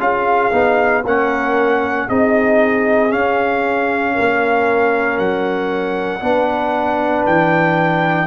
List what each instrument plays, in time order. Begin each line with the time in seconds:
0.00 tuba C#4, trombone F4, horn G#4, trumpet F5
0.52 tuba B3, trombone D#4
1.05 tuba A#3, trombone C#4, horn A#4, trumpet F#5
2.08 tuba C4, trombone D#4, horn G#4, trumpet D#5
3.10 trombone C#4, tuba C#4, trumpet F5
4.15 tuba A#3, horn A#4
5.18 tuba F#3, trumpet F#5
6.21 tuba B3, trombone D4, horn B4
7.27 tuba E3, trumpet G5